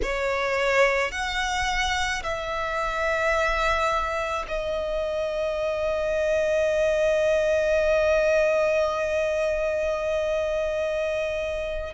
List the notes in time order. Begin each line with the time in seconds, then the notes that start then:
0.02 C#5
1.11 F#5
2.23 E5
4.47 D#5